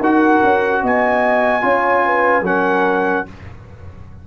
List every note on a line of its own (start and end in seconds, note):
0.00 0.41 D#4
0.00 1.62 F#4
0.00 0.82 A#4
0.00 0.85 F#5
0.44 0.83 C#4
0.83 1.63 B3
0.83 1.64 D#5
0.83 2.46 G#5
1.62 2.42 C#4
1.62 2.43 F4
1.62 2.04 C#5
2.06 2.46 B4
2.42 3.23 F#3
2.42 3.26 C#4
2.42 3.27 A#4
2.42 3.27 F#5